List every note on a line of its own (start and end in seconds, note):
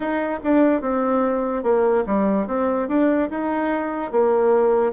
0.00 0.39 D#4
0.43 0.81 D4
0.81 1.63 C4
1.63 2.04 A#3
2.06 2.47 G3
2.47 2.88 C4
2.88 3.29 D4
3.30 4.11 D#4
4.11 4.92 A#3